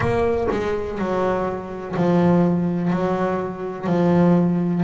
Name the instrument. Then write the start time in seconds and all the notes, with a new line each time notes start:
double bass
0.00 A#3
0.51 G#3
0.98 F#3
1.96 F3
2.90 F#3
3.87 F3